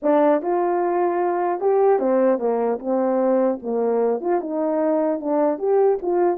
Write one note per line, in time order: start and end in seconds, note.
0.02 0.41 D4
0.41 1.60 F4
1.60 1.99 G4
1.99 2.39 C4
2.39 2.79 A#3
2.79 3.59 C4
3.62 4.20 A#3
4.20 4.40 F4
4.40 5.20 D#4
5.20 5.58 D4
5.58 5.98 G4
6.01 6.37 F4